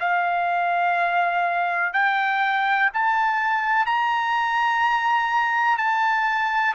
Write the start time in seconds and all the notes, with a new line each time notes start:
0.00 F5
1.93 G5
2.93 A5
3.86 A#5
5.78 A5